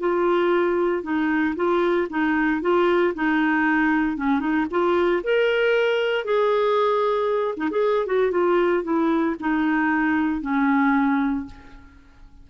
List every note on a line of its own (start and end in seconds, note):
0.00 1.03 F4
1.03 1.55 D#4
1.56 2.08 F4
2.10 2.62 D#4
2.62 3.14 F4
3.15 4.17 D#4
4.17 4.40 C#4
4.40 4.66 D#4
4.71 5.23 F4
5.24 6.25 A#4
6.25 7.55 G#4
7.57 7.70 D#4
7.71 8.06 G#4
8.06 8.31 F#4
8.31 8.83 F4
8.84 9.36 E4
9.40 10.41 D#4
10.41 11.46 C#4